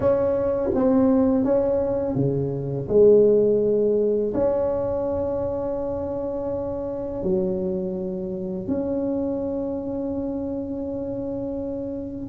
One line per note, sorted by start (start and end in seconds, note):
0.00 0.70 C#4
0.74 1.44 C4
1.44 2.15 C#4
2.15 2.87 C#3
2.88 4.33 G#3
4.34 7.23 C#4
7.23 8.67 F#3
8.67 12.29 C#4